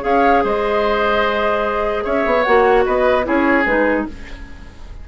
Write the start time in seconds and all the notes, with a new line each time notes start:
0.00 C#4 G#4 C#5 F5
0.44 G#3 C5 D#5
2.04 C#4 C#5 E5
2.26 B3
2.43 A#3 F#4 F#5
2.85 B3 B4 D#5
3.23 C#4 E4 G#4 C#5
3.65 G#3 D#4 B4